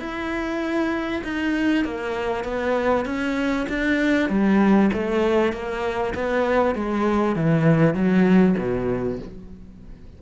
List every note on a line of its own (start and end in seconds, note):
0.00 1.22 E4
1.24 1.85 D#4
1.85 2.44 A#3
2.44 3.06 B3
3.06 3.67 C#4
3.69 4.30 D4
4.30 4.91 G3
4.93 5.53 A3
5.53 6.14 A#3
6.15 6.75 B3
6.75 7.36 G#3
7.36 7.95 E3
7.95 8.56 F#3
8.58 9.19 B2